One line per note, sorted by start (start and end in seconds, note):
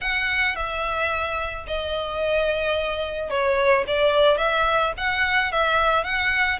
0.01 0.55 F#5
0.55 1.65 E5
1.67 3.30 D#5
3.30 3.85 C#5
3.87 4.37 D5
4.37 4.92 E5
4.97 5.52 F#5
5.52 6.04 E5
6.04 6.59 F#5